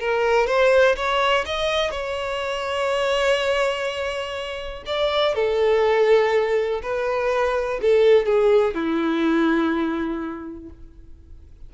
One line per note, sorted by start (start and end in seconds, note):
0.00 0.47 A#4
0.47 0.96 C5
0.96 1.45 C#5
1.46 1.91 D#5
1.91 4.84 C#5
4.86 5.35 D5
5.35 6.82 A4
6.83 7.80 B4
7.82 8.26 A4
8.26 8.75 G#4
8.75 10.70 E4